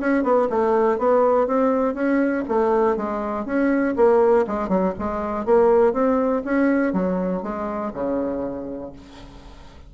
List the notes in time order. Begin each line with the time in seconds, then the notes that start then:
0.00 C#4
0.24 B3
0.50 A3
0.98 B3
1.48 C4
1.95 C#4
2.49 A3
2.97 G#3
3.46 C#4
3.97 A#3
4.47 G#3
4.69 F#3
4.99 G#3
5.46 A#3
5.93 C4
6.45 C#4
6.93 F#3
7.43 G#3
7.94 C#3